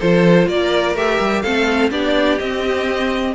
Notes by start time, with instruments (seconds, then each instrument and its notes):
0.00 cello F3, viola F4, violin A4 C5
0.47 cello A#3, violin A#4 D5
0.95 cello A3, viola G4, violin E5
1.20 cello G3
1.42 cello A3, viola C4, violin A4 F5
1.91 cello B3, viola D4, violin G4 D5
2.39 viola C4, cello C4, violin D#5